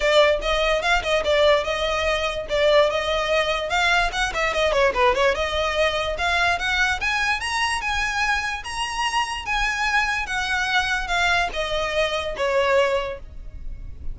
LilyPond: \new Staff \with { instrumentName = "violin" } { \time 4/4 \tempo 4 = 146 d''4 dis''4 f''8 dis''8 d''4 | dis''2 d''4 dis''4~ | dis''4 f''4 fis''8 e''8 dis''8 cis''8 | b'8 cis''8 dis''2 f''4 |
fis''4 gis''4 ais''4 gis''4~ | gis''4 ais''2 gis''4~ | gis''4 fis''2 f''4 | dis''2 cis''2 | }